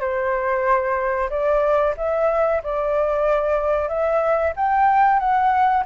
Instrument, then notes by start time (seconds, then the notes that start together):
flute
0.00 C5
1.29 D5
1.97 E5
2.63 D5
3.88 E5
4.56 G5
5.19 F#5